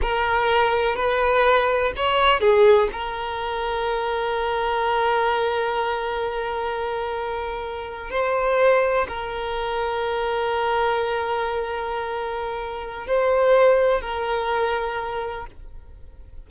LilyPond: \new Staff \with { instrumentName = "violin" } { \time 4/4 \tempo 4 = 124 ais'2 b'2 | cis''4 gis'4 ais'2~ | ais'1~ | ais'1~ |
ais'8. c''2 ais'4~ ais'16~ | ais'1~ | ais'2. c''4~ | c''4 ais'2. | }